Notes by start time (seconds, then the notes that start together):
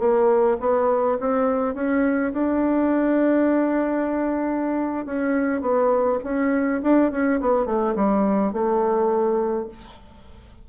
0.00 A#3
0.61 B3
1.21 C4
1.75 C#4
2.33 D4
5.06 C#4
5.62 B3
6.24 C#4
6.83 D4
7.11 C#4
7.41 B3
7.66 A3
7.96 G3
8.53 A3